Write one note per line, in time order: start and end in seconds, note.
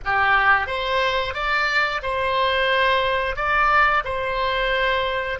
0.05 0.66 G4
0.66 1.33 C5
1.33 2.01 D5
2.02 3.36 C5
3.36 4.03 D5
4.04 5.39 C5